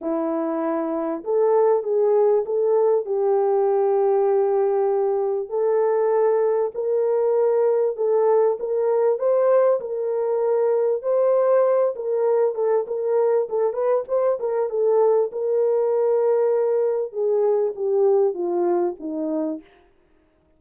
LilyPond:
\new Staff \with { instrumentName = "horn" } { \time 4/4 \tempo 4 = 98 e'2 a'4 gis'4 | a'4 g'2.~ | g'4 a'2 ais'4~ | ais'4 a'4 ais'4 c''4 |
ais'2 c''4. ais'8~ | ais'8 a'8 ais'4 a'8 b'8 c''8 ais'8 | a'4 ais'2. | gis'4 g'4 f'4 dis'4 | }